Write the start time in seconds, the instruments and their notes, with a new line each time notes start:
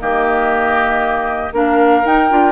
0.00 bassoon D#3, clarinet A#3, oboe G4, flute D#5
1.52 bassoon A#3, clarinet D4, oboe A#4, flute F5
2.04 clarinet D#4, bassoon D#4, flute G5
2.30 bassoon D4, clarinet F4